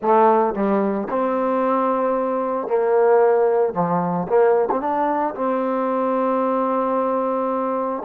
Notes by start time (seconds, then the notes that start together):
0.01 A3
0.54 G3
1.09 C4
2.67 A#3
3.73 F3
4.28 A#3
4.70 C4
4.80 D4
5.34 C4